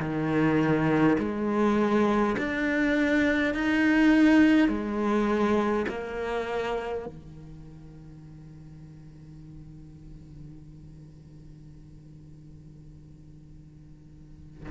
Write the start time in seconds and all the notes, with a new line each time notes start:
0.00 D#3
1.19 G#3
2.39 D4
3.55 D#4
4.68 G#3
5.89 A#3
7.06 D#3